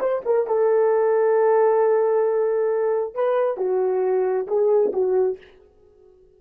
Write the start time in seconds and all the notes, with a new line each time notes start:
0.00 C5
0.25 A#4
0.47 A4
3.15 B4
3.58 F#4
4.47 G#4
4.93 F#4